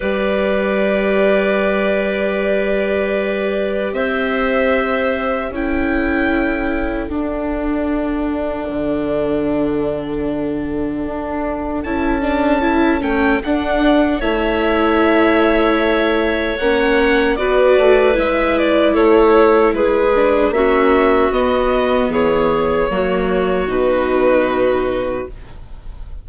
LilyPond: <<
  \new Staff \with { instrumentName = "violin" } { \time 4/4 \tempo 4 = 76 d''1~ | d''4 e''2 g''4~ | g''4 fis''2.~ | fis''2. a''4~ |
a''8 g''8 fis''4 e''2~ | e''4 fis''4 d''4 e''8 d''8 | cis''4 b'4 e''4 dis''4 | cis''2 b'2 | }
  \new Staff \with { instrumentName = "clarinet" } { \time 4/4 b'1~ | b'4 c''2 a'4~ | a'1~ | a'1~ |
a'2 cis''2~ | cis''2 b'2 | a'4 gis'4 fis'2 | gis'4 fis'2. | }
  \new Staff \with { instrumentName = "viola" } { \time 4/4 g'1~ | g'2. e'4~ | e'4 d'2.~ | d'2. e'8 d'8 |
e'8 cis'8 d'4 e'2~ | e'4 cis'4 fis'4 e'4~ | e'4. d'8 cis'4 b4~ | b4 ais4 dis'2 | }
  \new Staff \with { instrumentName = "bassoon" } { \time 4/4 g1~ | g4 c'2 cis'4~ | cis'4 d'2 d4~ | d2 d'4 cis'4~ |
cis'8 a8 d'4 a2~ | a4 ais4 b8 a8 gis4 | a4 gis4 ais4 b4 | e4 fis4 b,2 | }
>>